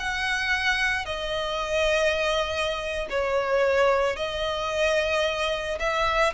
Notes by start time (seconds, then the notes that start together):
0.00 F#5
1.06 D#5
3.10 C#5
4.17 D#5
5.80 E5